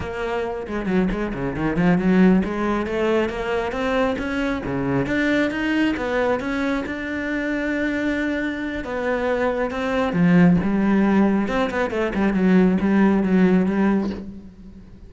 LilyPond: \new Staff \with { instrumentName = "cello" } { \time 4/4 \tempo 4 = 136 ais4. gis8 fis8 gis8 cis8 dis8 | f8 fis4 gis4 a4 ais8~ | ais8 c'4 cis'4 cis4 d'8~ | d'8 dis'4 b4 cis'4 d'8~ |
d'1 | b2 c'4 f4 | g2 c'8 b8 a8 g8 | fis4 g4 fis4 g4 | }